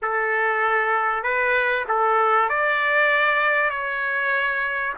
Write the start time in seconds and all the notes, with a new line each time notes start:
0.02 A4
1.23 B4
1.88 A4
2.49 D5
3.69 C#5